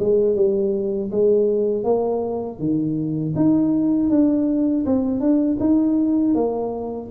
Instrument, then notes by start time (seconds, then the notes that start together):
tuba
0.00 G#3
0.36 G3
1.11 G#3
1.84 A#3
2.59 D#3
3.36 D#4
4.10 D4
4.86 C4
5.21 D4
5.60 D#4
6.35 A#3